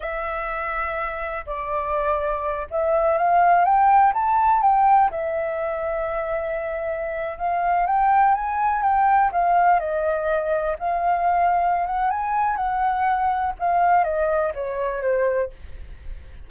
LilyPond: \new Staff \with { instrumentName = "flute" } { \time 4/4 \tempo 4 = 124 e''2. d''4~ | d''4. e''4 f''4 g''8~ | g''8 a''4 g''4 e''4.~ | e''2.~ e''16 f''8.~ |
f''16 g''4 gis''4 g''4 f''8.~ | f''16 dis''2 f''4.~ f''16~ | f''8 fis''8 gis''4 fis''2 | f''4 dis''4 cis''4 c''4 | }